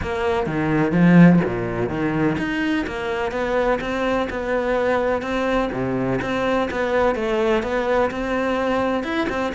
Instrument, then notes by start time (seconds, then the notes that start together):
cello
0.02 A#3
0.46 D#3
0.92 F3
1.45 A#2
1.89 D#3
2.38 D#4
2.86 A#3
3.31 B3
3.81 C4
4.30 B3
5.21 C4
5.72 C3
6.21 C4
6.70 B3
7.15 A3
7.63 B3
8.11 C4
9.03 E4
9.29 C4